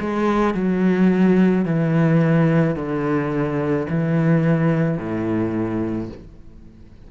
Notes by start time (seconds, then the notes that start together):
0.00 G#3
0.54 F#3
1.65 E3
2.75 D3
3.89 E3
4.97 A2